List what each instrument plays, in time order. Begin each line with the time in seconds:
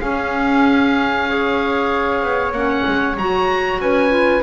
0.00 double bass C#4, clarinet C#4, flute G#4, oboe F5
1.27 clarinet G#4, flute C#5
2.22 double bass B3
2.51 double bass A#3, clarinet C#4, oboe F#5
2.86 double bass G#3
3.17 double bass F#3, clarinet F#4, oboe A#5
3.79 double bass C#4, flute B4, oboe G#5
4.09 clarinet F4